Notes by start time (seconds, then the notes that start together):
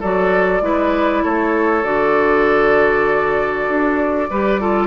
0.00 F#3 F#4 A4 D5
0.61 G#3 E4 B4
1.23 A3 A4 C#5
1.83 D3 F#4 D5
3.69 D4
4.30 G3 G4 B4
4.60 F4 A4